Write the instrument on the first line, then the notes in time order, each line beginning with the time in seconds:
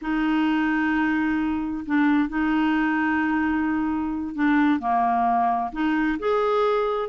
clarinet
0.01 D#4
1.85 D4
2.28 D#4
4.34 D4
4.79 A#3
5.72 D#4
6.19 G#4